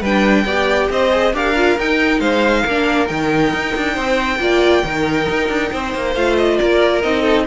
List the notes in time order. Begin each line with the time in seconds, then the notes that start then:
0.00 G3 D4 B4 G5
0.45 B3 G4 D5
0.90 C4 C5 D#5
1.11 G#4
1.33 D4 G4 A#4 F5
1.56 F4
1.78 D#4 G5
2.20 G#3 C5 F5
2.62 A#3 A#4
2.69 D4
3.07 D#3 D#4 G5
3.53 D#4
3.76 D4
3.94 C4 C5
4.39 A#3 F4 D5
4.83 D#3 D#4 A#4
5.29 D#4
5.48 D4
5.72 C4 C5
5.94 A#3
6.14 A3 F4 F5
6.37 D#5
6.58 A#3 A#4 D5
7.02 C4 D#4 D#5
7.21 A4